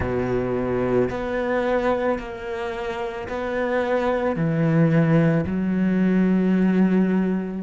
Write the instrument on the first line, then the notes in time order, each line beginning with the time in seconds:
cello
0.00 B2
1.10 B3
2.18 A#3
3.28 B3
4.35 E3
5.46 F#3